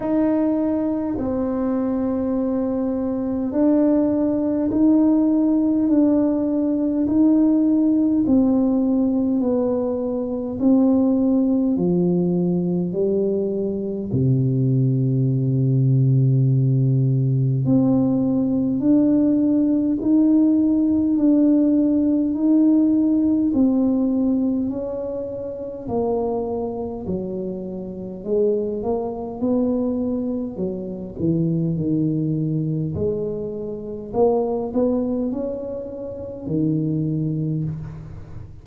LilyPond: \new Staff \with { instrumentName = "tuba" } { \time 4/4 \tempo 4 = 51 dis'4 c'2 d'4 | dis'4 d'4 dis'4 c'4 | b4 c'4 f4 g4 | c2. c'4 |
d'4 dis'4 d'4 dis'4 | c'4 cis'4 ais4 fis4 | gis8 ais8 b4 fis8 e8 dis4 | gis4 ais8 b8 cis'4 dis4 | }